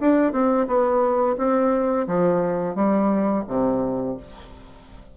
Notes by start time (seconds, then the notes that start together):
0.00 D4
0.32 C4
0.67 B3
1.37 C4
2.07 F3
2.75 G3
3.47 C3